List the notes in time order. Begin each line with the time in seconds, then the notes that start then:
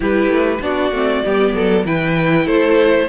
0.00 G3 E4 G4 B4
0.28 A3
0.61 B3 D4 F#4 D5
0.91 A3 C4
1.24 G3 B3 G4
1.53 F#3 A4
1.84 E3 E4 B4 G5
2.45 A3 A4 C5